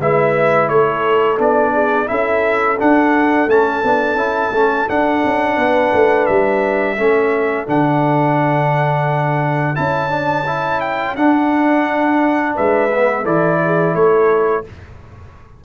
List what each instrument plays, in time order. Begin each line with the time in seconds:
0.00 tuba G#3, trombone E4, horn B4, trumpet E5
0.68 tuba A3, horn A4, trumpet C#5
1.38 tuba B3, trombone D4, trumpet D5
1.73 horn G#4
2.06 tuba C#4, trombone E4, horn A4, trumpet E5
2.79 trombone D4, tuba D4, trumpet F#5
3.47 tuba A3, trombone C#4, trumpet A5
3.84 tuba B3, trombone D4
4.15 tuba C#4, trombone E4
4.51 tuba A3, trombone C#4
4.88 trombone D4, tuba D4, trumpet F#5
5.25 tuba C#4
5.56 tuba B3, horn B4
5.93 tuba A3
6.26 tuba G3, trumpet E5
6.97 tuba A3, trombone C#4, horn A4
7.67 tuba D3, trombone D4, trumpet F#5
9.75 tuba C#4, trombone E4, trumpet A5
10.10 trombone D4
10.46 trombone E4
10.81 trumpet G5
11.16 trombone D4, tuba D4, trumpet F#5
12.55 tuba G#3, horn B4, trumpet E5
12.93 trombone B3
13.23 tuba E3, trombone E4, horn A4, trumpet D5
13.65 horn G#4
13.95 tuba A3, horn A4, trumpet C#5